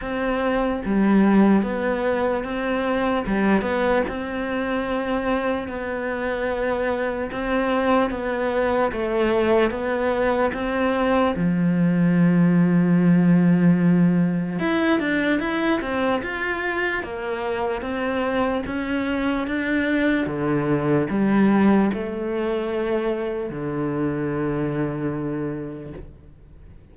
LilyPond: \new Staff \with { instrumentName = "cello" } { \time 4/4 \tempo 4 = 74 c'4 g4 b4 c'4 | g8 b8 c'2 b4~ | b4 c'4 b4 a4 | b4 c'4 f2~ |
f2 e'8 d'8 e'8 c'8 | f'4 ais4 c'4 cis'4 | d'4 d4 g4 a4~ | a4 d2. | }